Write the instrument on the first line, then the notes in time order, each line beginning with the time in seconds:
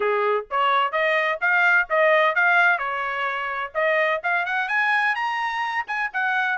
trumpet
0.00 G#4
0.50 C#5
0.91 D#5
1.41 F5
1.89 D#5
2.35 F5
2.78 C#5
3.74 D#5
4.23 F5
4.45 F#5
4.68 G#5
5.15 A#5
5.87 G#5
6.13 F#5